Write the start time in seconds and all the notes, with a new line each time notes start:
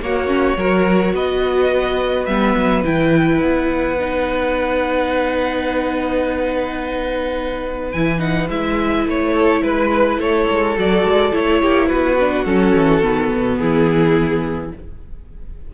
0.00 A#3 F#4 C#5
0.27 C#4
0.57 F#3 F#4 A#4
1.13 B3 B4 D#5
2.26 G3 B3 E5
2.56 F#3
2.84 E3 E4 G5
3.42 B3 F#5
4.00 D#4
7.92 E3 E4 G#5
8.19 D#4 F#5
8.50 G#3 E4 E5
9.06 A3 C#5
9.34 A4
9.62 G#3 B4
10.18 A3 A4 C#5
10.50 G#3
10.77 F#3 F#4 D5
11.04 G#3
11.33 A3 E4 C#5
11.61 A#3 G4
11.88 B3 F#4 B4
12.20 D4
12.45 F#3 C#4 A4
12.76 E3
13.02 D#3 B3
13.33 B2
13.57 E3 E4 G#4